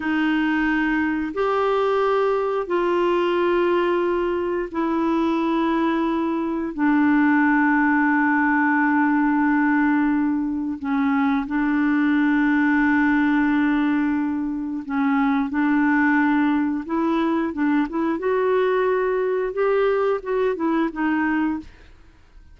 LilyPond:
\new Staff \with { instrumentName = "clarinet" } { \time 4/4 \tempo 4 = 89 dis'2 g'2 | f'2. e'4~ | e'2 d'2~ | d'1 |
cis'4 d'2.~ | d'2 cis'4 d'4~ | d'4 e'4 d'8 e'8 fis'4~ | fis'4 g'4 fis'8 e'8 dis'4 | }